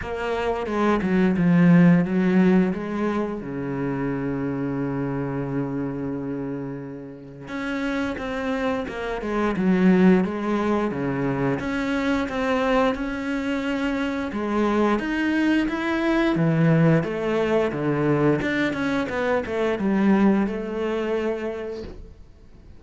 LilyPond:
\new Staff \with { instrumentName = "cello" } { \time 4/4 \tempo 4 = 88 ais4 gis8 fis8 f4 fis4 | gis4 cis2.~ | cis2. cis'4 | c'4 ais8 gis8 fis4 gis4 |
cis4 cis'4 c'4 cis'4~ | cis'4 gis4 dis'4 e'4 | e4 a4 d4 d'8 cis'8 | b8 a8 g4 a2 | }